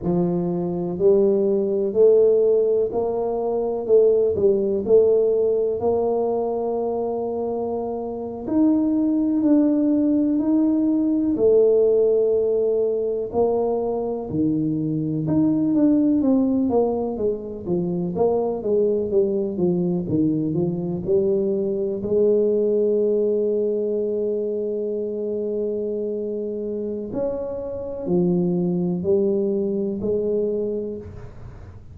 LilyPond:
\new Staff \with { instrumentName = "tuba" } { \time 4/4 \tempo 4 = 62 f4 g4 a4 ais4 | a8 g8 a4 ais2~ | ais8. dis'4 d'4 dis'4 a16~ | a4.~ a16 ais4 dis4 dis'16~ |
dis'16 d'8 c'8 ais8 gis8 f8 ais8 gis8 g16~ | g16 f8 dis8 f8 g4 gis4~ gis16~ | gis1 | cis'4 f4 g4 gis4 | }